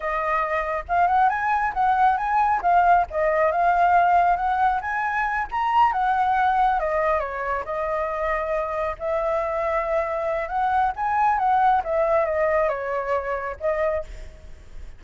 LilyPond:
\new Staff \with { instrumentName = "flute" } { \time 4/4 \tempo 4 = 137 dis''2 f''8 fis''8 gis''4 | fis''4 gis''4 f''4 dis''4 | f''2 fis''4 gis''4~ | gis''8 ais''4 fis''2 dis''8~ |
dis''8 cis''4 dis''2~ dis''8~ | dis''8 e''2.~ e''8 | fis''4 gis''4 fis''4 e''4 | dis''4 cis''2 dis''4 | }